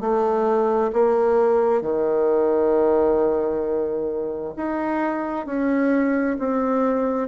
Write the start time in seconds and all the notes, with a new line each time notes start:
0.00 A3
0.93 A#3
1.81 D#3
4.56 D#4
5.46 C#4
6.39 C4